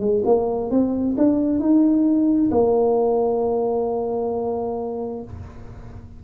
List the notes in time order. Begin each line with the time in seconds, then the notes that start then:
0.00 G#3
0.25 A#3
0.71 C4
1.18 D4
1.60 D#4
2.51 A#3